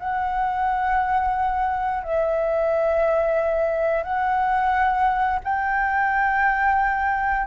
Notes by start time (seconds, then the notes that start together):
0.00 F#5
2.04 E5
4.04 F#5
5.44 G5